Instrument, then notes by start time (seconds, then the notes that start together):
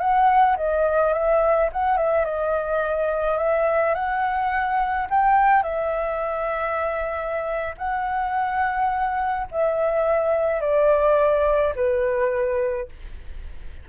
flute
0.00 F#5
0.57 D#5
1.13 E5
1.72 F#5
1.97 E5
2.25 D#5
3.38 E5
3.94 F#5
5.10 G5
5.63 E5
7.78 F#5
9.51 E5
10.61 D5
11.76 B4